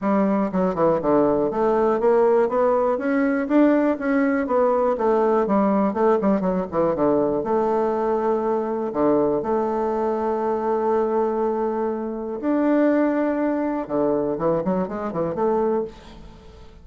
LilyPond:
\new Staff \with { instrumentName = "bassoon" } { \time 4/4 \tempo 4 = 121 g4 fis8 e8 d4 a4 | ais4 b4 cis'4 d'4 | cis'4 b4 a4 g4 | a8 g8 fis8 e8 d4 a4~ |
a2 d4 a4~ | a1~ | a4 d'2. | d4 e8 fis8 gis8 e8 a4 | }